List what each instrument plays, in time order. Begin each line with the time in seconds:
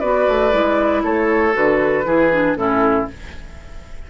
0.00 bassoon B3, clarinet F#4, oboe B4, flute D5
0.28 bassoon A3
0.52 bassoon G#3, clarinet E4
1.04 bassoon A3, oboe A4, flute C#5
1.53 bassoon D3, clarinet F#4, flute B4
2.05 bassoon E3, clarinet E4, oboe G#4
2.32 clarinet D4
2.56 bassoon A2, clarinet C#4, oboe E4, flute A4